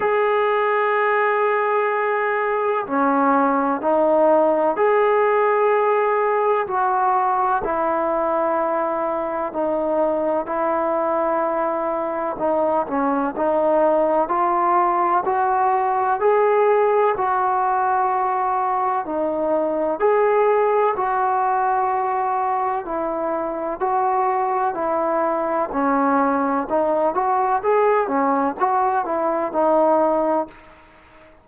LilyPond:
\new Staff \with { instrumentName = "trombone" } { \time 4/4 \tempo 4 = 63 gis'2. cis'4 | dis'4 gis'2 fis'4 | e'2 dis'4 e'4~ | e'4 dis'8 cis'8 dis'4 f'4 |
fis'4 gis'4 fis'2 | dis'4 gis'4 fis'2 | e'4 fis'4 e'4 cis'4 | dis'8 fis'8 gis'8 cis'8 fis'8 e'8 dis'4 | }